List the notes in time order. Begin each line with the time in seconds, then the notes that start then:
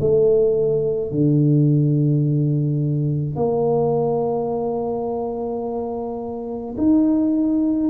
0.00 A3
1.11 D3
3.36 A#3
6.77 D#4